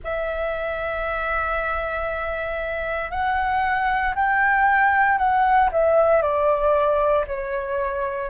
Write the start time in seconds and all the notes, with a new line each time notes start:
0.03 E5
3.10 F#5
4.15 G5
5.18 F#5
5.72 E5
6.22 D5
7.27 C#5